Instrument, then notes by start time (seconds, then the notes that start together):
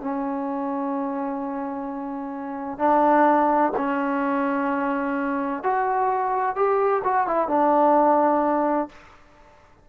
trombone
0.00 C#4
2.79 D4
3.77 C#4
5.63 F#4
6.56 G4
7.04 F#4
7.27 E4
7.48 D4